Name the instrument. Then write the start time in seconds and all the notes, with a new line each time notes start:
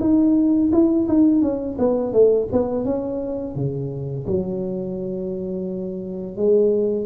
tuba
0.00 D#4
0.72 E4
1.08 D#4
1.42 C#4
1.78 B3
2.13 A3
2.52 B3
2.85 C#4
3.55 C#3
4.27 F#3
6.37 G#3